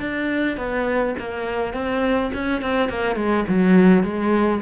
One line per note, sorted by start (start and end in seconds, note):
0.00 0.57 D4
0.57 1.15 B3
1.19 1.74 A#3
1.74 2.31 C4
2.34 2.62 C#4
2.62 2.90 C4
2.90 3.16 A#3
3.16 3.45 G#3
3.48 4.03 F#3
4.03 4.61 G#3